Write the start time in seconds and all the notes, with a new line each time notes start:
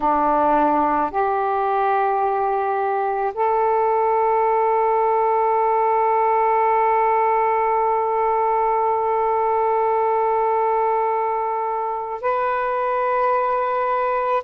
0.00 D4
1.11 G4
3.34 A4
12.21 B4